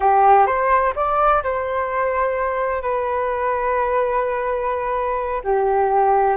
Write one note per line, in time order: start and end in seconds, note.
0.00 0.46 G4
0.46 0.93 C5
0.95 1.42 D5
1.43 2.82 C5
2.82 5.41 B4
5.44 6.36 G4